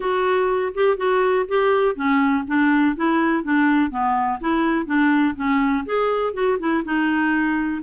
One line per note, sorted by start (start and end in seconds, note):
0.00 0.72 F#4
0.74 0.97 G4
0.97 1.45 F#4
1.48 1.95 G4
1.95 2.44 C#4
2.47 2.96 D4
2.96 3.43 E4
3.43 3.90 D4
3.90 4.39 B3
4.40 4.86 E4
4.86 5.34 D4
5.35 5.84 C#4
5.85 6.33 G#4
6.33 6.57 F#4
6.59 6.83 E4
6.84 7.82 D#4